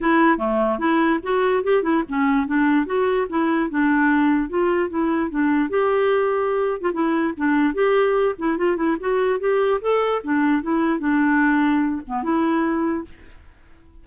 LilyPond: \new Staff \with { instrumentName = "clarinet" } { \time 4/4 \tempo 4 = 147 e'4 a4 e'4 fis'4 | g'8 e'8 cis'4 d'4 fis'4 | e'4 d'2 f'4 | e'4 d'4 g'2~ |
g'8. f'16 e'4 d'4 g'4~ | g'8 e'8 f'8 e'8 fis'4 g'4 | a'4 d'4 e'4 d'4~ | d'4. b8 e'2 | }